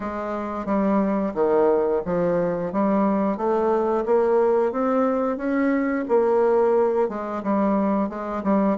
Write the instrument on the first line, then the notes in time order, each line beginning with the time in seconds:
bassoon
0.00 G#3
0.65 G3
1.34 D#3
2.05 F3
2.72 G3
3.37 A3
4.05 A#3
4.72 C4
5.37 C#4
6.08 A#3
7.08 G#3
7.43 G3
8.09 G#3
8.43 G3